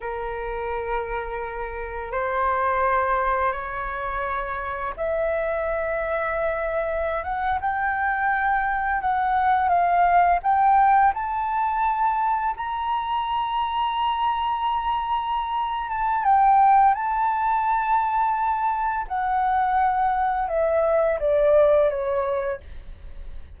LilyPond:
\new Staff \with { instrumentName = "flute" } { \time 4/4 \tempo 4 = 85 ais'2. c''4~ | c''4 cis''2 e''4~ | e''2~ e''16 fis''8 g''4~ g''16~ | g''8. fis''4 f''4 g''4 a''16~ |
a''4.~ a''16 ais''2~ ais''16~ | ais''2~ ais''8 a''8 g''4 | a''2. fis''4~ | fis''4 e''4 d''4 cis''4 | }